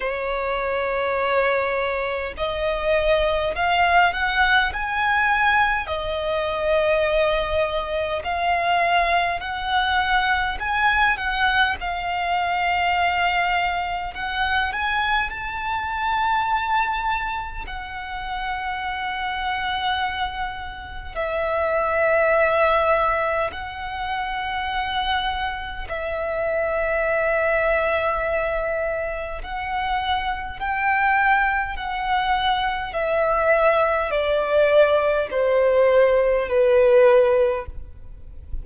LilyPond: \new Staff \with { instrumentName = "violin" } { \time 4/4 \tempo 4 = 51 cis''2 dis''4 f''8 fis''8 | gis''4 dis''2 f''4 | fis''4 gis''8 fis''8 f''2 | fis''8 gis''8 a''2 fis''4~ |
fis''2 e''2 | fis''2 e''2~ | e''4 fis''4 g''4 fis''4 | e''4 d''4 c''4 b'4 | }